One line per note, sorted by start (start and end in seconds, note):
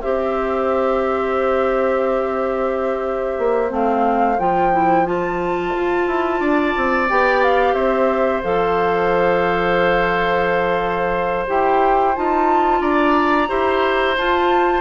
0.00 3.38 C4
0.00 3.69 G4
0.00 6.40 C5
0.00 3.72 E5
3.38 3.71 A#3
3.69 4.38 A3
3.69 4.37 C4
3.69 4.39 F5
4.39 5.74 F3
4.39 4.72 F4
4.39 5.06 G5
4.72 5.05 E4
5.05 7.08 F4
5.05 7.09 A5
5.76 6.07 F4
6.07 6.40 E4
6.40 6.74 D4
6.40 7.74 D5
6.77 7.11 C4
7.09 7.74 B3
7.09 8.43 G4
7.09 7.43 G5
7.43 7.74 F5
7.74 8.42 C4
7.74 12.80 C5
7.74 8.42 E5
8.43 11.47 F3
8.43 11.46 A4
8.43 11.47 F5
11.47 12.17 E4
11.47 12.14 G4
11.47 12.16 G5
12.16 12.81 D#4
12.16 13.48 F4
12.16 12.82 A5
12.81 13.48 D4
12.81 13.49 D5
12.81 14.16 A#5
13.48 14.17 E4
13.48 14.15 G4
13.48 14.81 C5
14.17 14.81 F4
14.17 14.81 A5